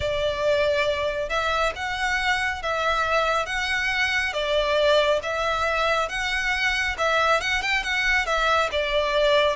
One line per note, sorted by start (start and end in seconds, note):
0.00 1.29 D5
1.29 1.72 E5
1.75 2.62 F#5
2.62 3.46 E5
3.46 4.33 F#5
4.33 5.20 D5
5.22 6.09 E5
6.09 6.96 F#5
6.98 7.40 E5
7.40 7.62 F#5
7.62 7.83 G5
7.83 8.26 F#5
8.26 8.69 E5
8.71 9.56 D5